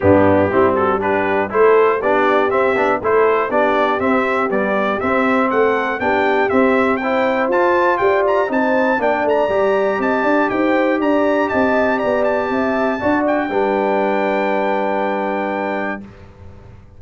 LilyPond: <<
  \new Staff \with { instrumentName = "trumpet" } { \time 4/4 \tempo 4 = 120 g'4. a'8 b'4 c''4 | d''4 e''4 c''4 d''4 | e''4 d''4 e''4 fis''4 | g''4 e''4 g''4 a''4 |
g''8 ais''8 a''4 g''8 ais''4. | a''4 g''4 ais''4 a''4 | ais''8 a''2 g''4.~ | g''1 | }
  \new Staff \with { instrumentName = "horn" } { \time 4/4 d'4 e'8 fis'8 g'4 a'4 | g'2 a'4 g'4~ | g'2. a'4 | g'2 c''2 |
d''4 c''4 d''2 | dis''8 d''8 c''4 d''4 dis''4 | d''4 e''4 d''4 b'4~ | b'1 | }
  \new Staff \with { instrumentName = "trombone" } { \time 4/4 b4 c'4 d'4 e'4 | d'4 c'8 d'8 e'4 d'4 | c'4 g4 c'2 | d'4 c'4 e'4 f'4~ |
f'4 dis'4 d'4 g'4~ | g'1~ | g'2 fis'4 d'4~ | d'1 | }
  \new Staff \with { instrumentName = "tuba" } { \time 4/4 g,4 g2 a4 | b4 c'8 b8 a4 b4 | c'4 b4 c'4 a4 | b4 c'2 f'4 |
g'4 c'4 ais8 a8 g4 | c'8 d'8 dis'4 d'4 c'4 | b4 c'4 d'4 g4~ | g1 | }
>>